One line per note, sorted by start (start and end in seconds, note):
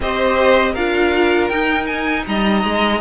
0.00 0.75 C4
0.00 0.76 G4
0.00 0.72 C5
0.00 0.75 D#5
0.72 1.50 D4
0.72 1.51 F4
0.72 2.22 A#4
0.72 1.48 F5
1.48 3.01 D#4
1.48 2.26 D#4
1.48 1.86 G5
1.86 2.24 G#5
2.26 2.64 G3
2.26 3.01 D#5
2.26 3.01 A#5
2.64 3.01 G#3